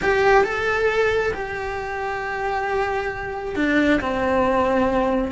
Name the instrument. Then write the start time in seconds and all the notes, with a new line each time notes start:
cello
0.02 G4
0.43 A4
1.33 G4
3.55 D4
4.00 C4